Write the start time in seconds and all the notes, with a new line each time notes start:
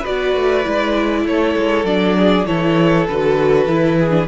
0.00 F#4 B4 D5
0.07 B3
0.36 A3
0.64 G#3 E4
1.26 A3 A4 C#5
1.57 G#3
1.84 F#3 D4 D5
2.18 G#4
2.46 E3 E4 A4 C#5
3.08 D3 F#4 B4
3.67 E3 E4
3.99 G#4
4.11 D4